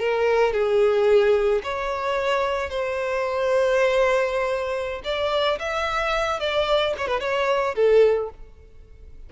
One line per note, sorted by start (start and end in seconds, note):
0.00 0.53 A#4
0.53 1.62 G#4
1.64 2.70 C#5
2.70 5.02 C5
5.05 5.59 D5
5.59 6.40 E5
6.40 6.95 D5
6.98 7.08 C#5
7.08 7.21 B4
7.21 7.75 C#5
7.76 8.30 A4